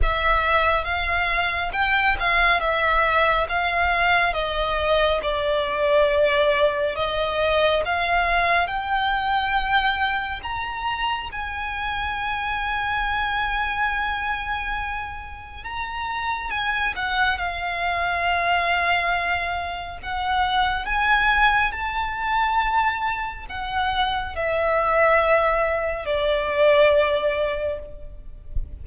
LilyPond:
\new Staff \with { instrumentName = "violin" } { \time 4/4 \tempo 4 = 69 e''4 f''4 g''8 f''8 e''4 | f''4 dis''4 d''2 | dis''4 f''4 g''2 | ais''4 gis''2.~ |
gis''2 ais''4 gis''8 fis''8 | f''2. fis''4 | gis''4 a''2 fis''4 | e''2 d''2 | }